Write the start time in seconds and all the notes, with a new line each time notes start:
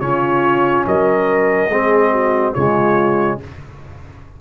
0.00 C#3 C#4 F4 C#5
0.86 F#3 A#4 D#5
1.68 G#3 C4 G#4
2.11 F#4
2.54 C#3 G#3 F4 C#5